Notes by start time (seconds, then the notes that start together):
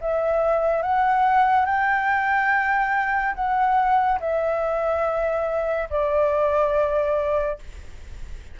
0.00 E5
0.82 F#5
1.65 G5
3.35 F#5
4.19 E5
5.90 D5